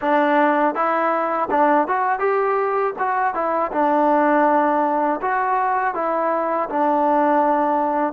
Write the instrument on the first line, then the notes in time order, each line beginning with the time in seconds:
trombone
0.01 D4
0.74 E4
1.50 D4
1.87 F#4
2.19 G4
2.98 F#4
3.34 E4
3.72 D4
5.21 F#4
5.94 E4
6.69 D4